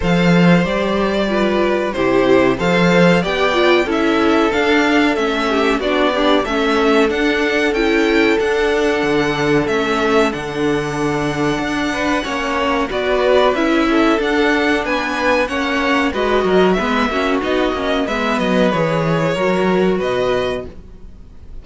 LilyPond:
<<
  \new Staff \with { instrumentName = "violin" } { \time 4/4 \tempo 4 = 93 f''4 d''2 c''4 | f''4 g''4 e''4 f''4 | e''4 d''4 e''4 fis''4 | g''4 fis''2 e''4 |
fis''1 | d''4 e''4 fis''4 gis''4 | fis''4 dis''4 e''4 dis''4 | e''8 dis''8 cis''2 dis''4 | }
  \new Staff \with { instrumentName = "violin" } { \time 4/4 c''2 b'4 g'4 | c''4 d''4 a'2~ | a'8 g'8 fis'8 d'8 a'2~ | a'1~ |
a'2~ a'8 b'8 cis''4 | b'4. a'4. b'4 | cis''4 b'8 ais'8 b'8 fis'4. | b'2 ais'4 b'4 | }
  \new Staff \with { instrumentName = "viola" } { \time 4/4 a'4 g'4 f'4 e'4 | a'4 g'8 f'8 e'4 d'4 | cis'4 d'8 g'8 cis'4 d'4 | e'4 d'2 cis'4 |
d'2. cis'4 | fis'4 e'4 d'2 | cis'4 fis'4 b8 cis'8 dis'8 cis'8 | b4 gis'4 fis'2 | }
  \new Staff \with { instrumentName = "cello" } { \time 4/4 f4 g2 c4 | f4 b4 cis'4 d'4 | a4 b4 a4 d'4 | cis'4 d'4 d4 a4 |
d2 d'4 ais4 | b4 cis'4 d'4 b4 | ais4 gis8 fis8 gis8 ais8 b8 ais8 | gis8 fis8 e4 fis4 b,4 | }
>>